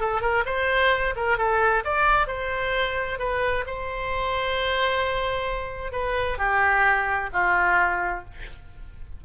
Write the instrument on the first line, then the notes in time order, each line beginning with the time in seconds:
oboe
0.00 A4
0.21 A#4
0.46 C5
1.16 A#4
1.38 A4
1.84 D5
2.28 C5
3.19 B4
3.67 C5
5.92 B4
6.38 G4
7.33 F4